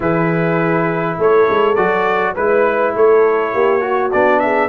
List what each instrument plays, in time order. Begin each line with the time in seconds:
0.00 tuba E3, trombone E4, horn G#4, trumpet B4
1.18 tuba A3, horn A4, trumpet C#5
1.49 tuba G#3
1.75 tuba F#3, trombone F#4, trumpet D5
2.33 tuba G#3, trombone E4, horn B4, trumpet B4
2.94 tuba A3, horn A4, trumpet C#5
3.53 tuba A#3, horn G4
3.80 trombone F#4, horn F#4
4.11 tuba B3, trombone D4, trumpet D5
4.39 horn G#4, trumpet E5